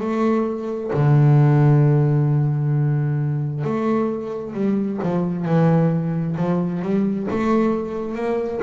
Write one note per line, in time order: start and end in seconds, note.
0.00 0.91 A3
0.93 3.64 D3
3.64 4.53 A3
4.53 4.99 G3
5.03 5.45 F3
5.45 6.36 E3
6.37 6.82 F3
6.82 7.27 G3
7.31 8.15 A3
8.15 8.60 A#3